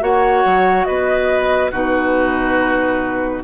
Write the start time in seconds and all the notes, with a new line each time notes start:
0.00 A#3 F#4 C#5 F#5
0.44 F#3
0.84 B3 B4 D#5
1.71 B2 D#4 F#4 B4